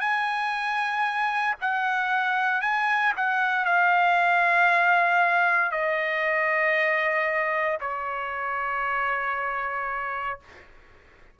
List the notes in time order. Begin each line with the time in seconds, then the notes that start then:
0.00 G#5
1.61 F#5
2.61 G#5
3.16 F#5
3.65 F5
5.71 D#5
7.81 C#5